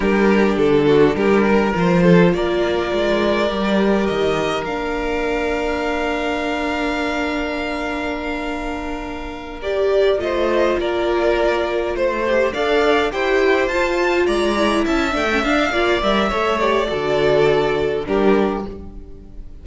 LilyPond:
<<
  \new Staff \with { instrumentName = "violin" } { \time 4/4 \tempo 4 = 103 ais'4 a'4 ais'4 c''4 | d''2. dis''4 | f''1~ | f''1~ |
f''8 d''4 dis''4 d''4.~ | d''8 c''4 f''4 g''4 a''8~ | a''8 ais''4 a''8 g''8 f''4 e''8~ | e''8 d''2~ d''8 ais'4 | }
  \new Staff \with { instrumentName = "violin" } { \time 4/4 g'4. fis'8 g'8 ais'4 a'8 | ais'1~ | ais'1~ | ais'1~ |
ais'4. c''4 ais'4.~ | ais'8 c''4 d''4 c''4.~ | c''8 d''4 e''4. d''4 | cis''4 a'2 g'4 | }
  \new Staff \with { instrumentName = "viola" } { \time 4/4 d'2. f'4~ | f'2 g'2 | d'1~ | d'1~ |
d'8 g'4 f'2~ f'8~ | f'4 g'8 a'4 g'4 f'8~ | f'4 e'4 d'16 cis'16 d'8 f'8 ais'8 | a'8 g'8 fis'2 d'4 | }
  \new Staff \with { instrumentName = "cello" } { \time 4/4 g4 d4 g4 f4 | ais4 gis4 g4 dis4 | ais1~ | ais1~ |
ais4. a4 ais4.~ | ais8 a4 d'4 e'4 f'8~ | f'8 gis4 cis'8 a8 d'8 ais8 g8 | a4 d2 g4 | }
>>